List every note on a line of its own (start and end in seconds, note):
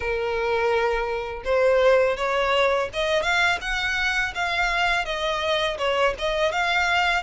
0.00 1.43 A#4
1.44 2.16 C5
2.17 2.89 C#5
2.93 3.22 D#5
3.22 3.58 F5
3.61 4.33 F#5
4.34 5.05 F5
5.05 5.77 D#5
5.78 6.14 C#5
6.18 6.52 D#5
6.52 7.22 F5